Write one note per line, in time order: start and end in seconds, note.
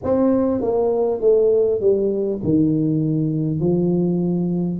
0.03 0.61 C4
0.61 1.21 A#3
1.21 1.80 A3
1.80 2.40 G3
2.43 3.60 D#3
3.60 4.79 F3